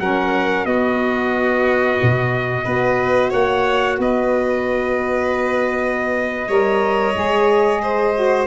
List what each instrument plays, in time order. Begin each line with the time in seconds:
0.00 tuba F#3, saxophone C#4, violin A#4, trumpet F#5
0.66 tuba B3, saxophone B3, violin F#4, trumpet D#5
2.03 tuba B2
2.64 tuba B3, saxophone F#4, violin B4
3.31 tuba A#3, violin C#5, trumpet F#5
3.99 tuba B3, violin B4, trumpet D#5
6.48 tuba G3, saxophone A#4, violin C#5
7.14 tuba G#3, saxophone G#4
7.83 violin C5
8.15 saxophone F#4